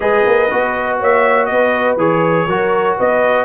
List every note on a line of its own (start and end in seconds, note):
0.00 0.25 G#3
0.00 0.48 G#4
0.00 0.97 B4
0.00 0.99 D#5
0.26 0.50 A#3
0.50 1.01 B3
0.50 1.98 F#4
0.99 1.50 A#3
0.99 1.49 C#5
0.99 1.45 E5
1.45 1.96 B3
1.45 2.47 B4
1.45 1.95 D#5
1.96 2.45 E3
1.96 2.48 G#4
1.96 2.98 C#5
2.46 2.95 F#3
2.46 3.44 F#4
2.46 2.96 A#4
2.96 3.44 B3
2.96 3.44 B4
2.96 3.44 D#5